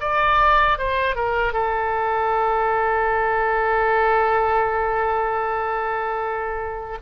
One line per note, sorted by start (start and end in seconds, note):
0.00 0.78 D5
0.78 1.15 C5
1.15 1.53 A#4
1.53 6.98 A4